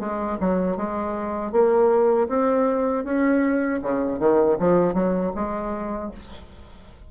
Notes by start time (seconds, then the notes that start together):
0.00 G#3
0.41 F#3
0.77 G#3
1.53 A#3
2.29 C4
3.05 C#4
3.83 C#3
4.20 D#3
4.59 F3
4.94 F#3
5.36 G#3